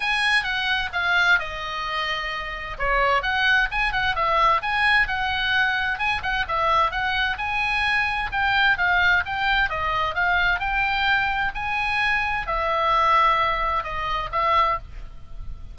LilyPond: \new Staff \with { instrumentName = "oboe" } { \time 4/4 \tempo 4 = 130 gis''4 fis''4 f''4 dis''4~ | dis''2 cis''4 fis''4 | gis''8 fis''8 e''4 gis''4 fis''4~ | fis''4 gis''8 fis''8 e''4 fis''4 |
gis''2 g''4 f''4 | g''4 dis''4 f''4 g''4~ | g''4 gis''2 e''4~ | e''2 dis''4 e''4 | }